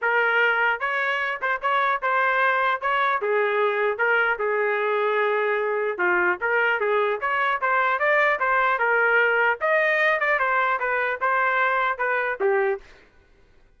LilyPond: \new Staff \with { instrumentName = "trumpet" } { \time 4/4 \tempo 4 = 150 ais'2 cis''4. c''8 | cis''4 c''2 cis''4 | gis'2 ais'4 gis'4~ | gis'2. f'4 |
ais'4 gis'4 cis''4 c''4 | d''4 c''4 ais'2 | dis''4. d''8 c''4 b'4 | c''2 b'4 g'4 | }